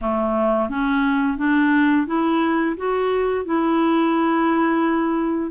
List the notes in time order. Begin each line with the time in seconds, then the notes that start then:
0.01 A3
0.69 C#4
1.37 D4
2.07 E4
2.76 F#4
3.45 E4